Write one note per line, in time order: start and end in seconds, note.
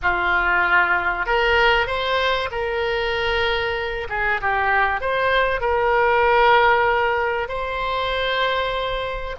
0.02 1.26 F4
1.26 1.86 A#4
1.86 2.49 C5
2.51 4.07 A#4
4.09 4.40 G#4
4.41 5.01 G4
5.01 5.61 C5
5.61 7.48 A#4
7.48 9.36 C5